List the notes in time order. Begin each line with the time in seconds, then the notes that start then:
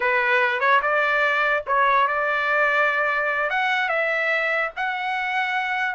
0.00 B4
0.59 C#5
0.81 D5
1.66 C#5
2.07 D5
3.50 F#5
3.88 E5
4.76 F#5